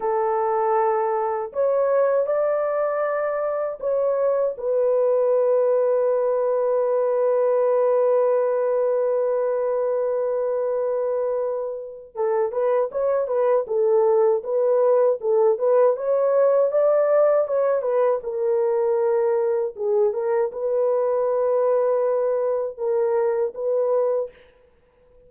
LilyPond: \new Staff \with { instrumentName = "horn" } { \time 4/4 \tempo 4 = 79 a'2 cis''4 d''4~ | d''4 cis''4 b'2~ | b'1~ | b'1 |
a'8 b'8 cis''8 b'8 a'4 b'4 | a'8 b'8 cis''4 d''4 cis''8 b'8 | ais'2 gis'8 ais'8 b'4~ | b'2 ais'4 b'4 | }